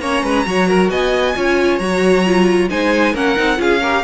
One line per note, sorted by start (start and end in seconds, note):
0.00 0.22 A#3
0.00 0.46 C#4
0.00 0.24 C#5
0.00 0.90 A#5
0.23 0.46 G#3
0.23 0.46 B4
0.46 0.90 F#3
0.46 1.35 F#4
0.46 0.69 C#5
0.69 0.91 A#4
0.90 1.35 B3
0.90 1.36 D#5
0.90 1.79 G#5
1.36 1.80 C#4
1.36 1.81 F4
1.36 2.71 C#5
1.79 2.69 F#3
1.79 2.25 F#4
1.79 2.69 A#5
2.26 2.70 F4
2.70 3.15 G#3
2.70 3.15 D#4
2.70 3.14 C5
2.70 3.15 G#5
3.14 3.37 A#3
3.14 3.37 C#4
3.14 3.58 A#4
3.14 3.62 F#5
3.37 3.59 C4
3.37 3.57 D#4
3.57 4.04 C#4
3.57 3.79 F4
3.57 3.81 G#4
3.57 4.04 F5
3.81 4.04 G4
3.81 4.04 A#4